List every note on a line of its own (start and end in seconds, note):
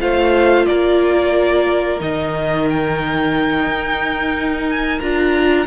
0.00 0.67 A3
0.00 2.00 F4
0.00 0.67 C5
0.00 0.66 F5
0.66 2.01 A#3
0.66 5.67 A#4
0.66 1.99 D5
2.00 3.66 D#3
2.00 5.00 D#4
2.00 2.68 D#5
2.70 4.70 G5
3.66 5.00 D#4
4.70 5.00 G#5
5.00 5.67 D4
5.00 5.67 F4
5.00 5.67 A#5